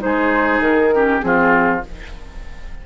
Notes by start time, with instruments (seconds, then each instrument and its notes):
0.00 bassoon G#3, clarinet D#4, oboe G#4, flute C5
0.60 bassoon D#3, flute A#4
0.95 clarinet C#4, oboe G4
1.20 bassoon F3, clarinet C4, oboe F4, flute G#4